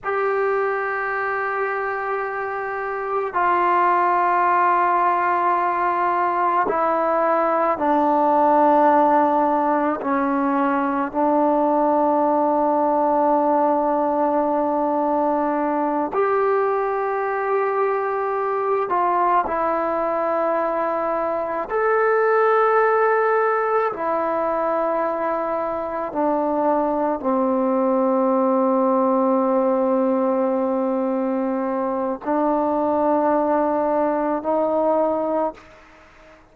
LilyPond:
\new Staff \with { instrumentName = "trombone" } { \time 4/4 \tempo 4 = 54 g'2. f'4~ | f'2 e'4 d'4~ | d'4 cis'4 d'2~ | d'2~ d'8 g'4.~ |
g'4 f'8 e'2 a'8~ | a'4. e'2 d'8~ | d'8 c'2.~ c'8~ | c'4 d'2 dis'4 | }